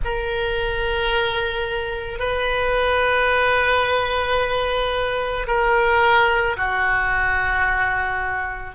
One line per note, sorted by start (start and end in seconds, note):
0.04 2.19 A#4
2.19 5.46 B4
5.47 6.56 A#4
6.57 8.74 F#4